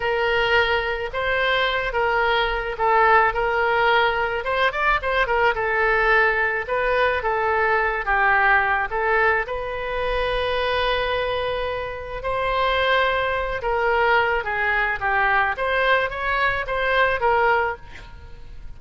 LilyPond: \new Staff \with { instrumentName = "oboe" } { \time 4/4 \tempo 4 = 108 ais'2 c''4. ais'8~ | ais'4 a'4 ais'2 | c''8 d''8 c''8 ais'8 a'2 | b'4 a'4. g'4. |
a'4 b'2.~ | b'2 c''2~ | c''8 ais'4. gis'4 g'4 | c''4 cis''4 c''4 ais'4 | }